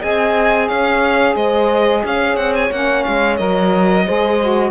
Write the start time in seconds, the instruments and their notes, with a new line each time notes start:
0.00 cello C4, saxophone G#4, horn D#5, violin G#5
0.68 cello C#4, horn C#5, violin F5
1.36 cello G#3, horn C5, violin D#5
2.04 cello C#4, horn C#5, violin F5
2.37 cello C4, violin F#5
2.55 violin G#5
2.71 cello A#3, saxophone C#4, violin F#5
3.04 cello G#3, violin F5
3.37 cello F#3, saxophone A#4, violin D#5
4.06 cello G#3, saxophone G#4, horn C5
4.41 saxophone F#4